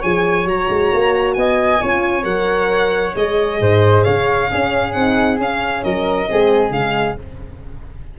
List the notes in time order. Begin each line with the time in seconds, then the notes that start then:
0.00 F3 G#4 C#5 G#5
0.45 F#3 F#4 A#5
0.69 G#3
0.93 A#3
1.34 B3 D#5 G#5
1.81 C#4 F4 C#5
2.23 F#3 A#4 F#5
3.15 G#3 G#4 D#5
3.60 G#2 C5
4.04 C#3 C#5 F5
4.49 C#4 G#4
4.93 C4 D#4 F#5
5.38 C#4 F5
5.84 F#3 A#4 D#5
6.26 G#3 C4 G#4
6.70 C#3 G#3 F5